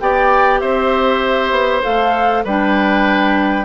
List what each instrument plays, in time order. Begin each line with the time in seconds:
0.00 bassoon B3, clarinet G4, oboe D5, flute G5
0.60 bassoon C4, oboe C5, flute E5
1.51 bassoon B3
1.82 bassoon A3, clarinet A4, flute F5
2.43 bassoon G3, clarinet D4, oboe B4, flute G5